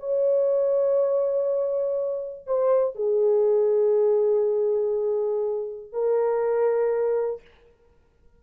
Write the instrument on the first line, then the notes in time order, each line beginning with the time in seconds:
horn
0.00 C#5
2.46 C5
2.95 G#4
5.93 A#4